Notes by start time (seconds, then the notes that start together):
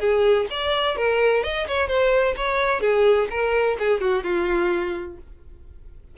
0.00 G#4
0.50 D5
0.97 A#4
1.44 D#5
1.67 C#5
1.88 C5
2.37 C#5
2.81 G#4
3.30 A#4
3.79 G#4
4.01 F#4
4.24 F4